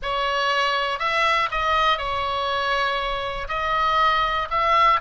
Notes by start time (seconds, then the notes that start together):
0.02 C#5
0.99 E5
1.51 D#5
1.98 C#5
3.48 D#5
4.50 E5